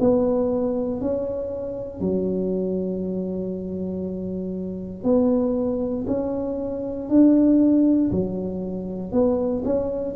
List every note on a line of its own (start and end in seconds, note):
0.00 1.01 B3
1.01 2.01 C#4
2.01 5.03 F#3
5.03 6.05 B3
6.07 7.09 C#4
7.09 8.11 D4
8.11 9.12 F#3
9.12 9.63 B3
9.65 10.16 C#4